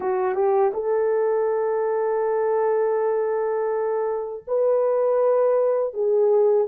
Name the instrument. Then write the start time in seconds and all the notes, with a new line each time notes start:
horn
0.00 F#4
0.34 G4
0.73 A4
4.47 B4
5.93 G#4